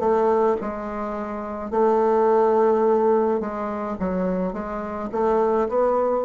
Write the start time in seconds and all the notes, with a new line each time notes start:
0.00 A3
0.62 G#3
1.71 A3
3.41 G#3
4.00 F#3
4.53 G#3
5.12 A3
5.69 B3